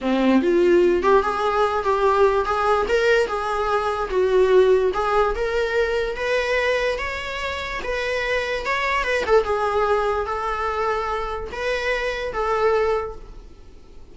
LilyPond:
\new Staff \with { instrumentName = "viola" } { \time 4/4 \tempo 4 = 146 c'4 f'4. g'8 gis'4~ | gis'8 g'4. gis'4 ais'4 | gis'2 fis'2 | gis'4 ais'2 b'4~ |
b'4 cis''2 b'4~ | b'4 cis''4 b'8 a'8 gis'4~ | gis'4 a'2. | b'2 a'2 | }